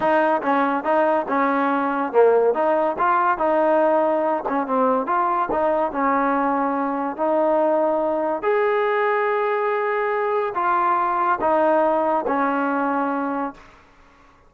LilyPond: \new Staff \with { instrumentName = "trombone" } { \time 4/4 \tempo 4 = 142 dis'4 cis'4 dis'4 cis'4~ | cis'4 ais4 dis'4 f'4 | dis'2~ dis'8 cis'8 c'4 | f'4 dis'4 cis'2~ |
cis'4 dis'2. | gis'1~ | gis'4 f'2 dis'4~ | dis'4 cis'2. | }